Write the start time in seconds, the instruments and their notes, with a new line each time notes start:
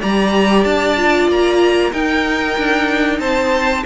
0.00 cello G3, viola G4, violin D5 A#5
0.64 cello D4, violin A5
0.97 viola F4
1.28 cello A#3, violin A#5
1.91 viola D#4, cello D#4, violin A#4 G5
2.57 cello D4
3.19 cello C4, violin C5 A5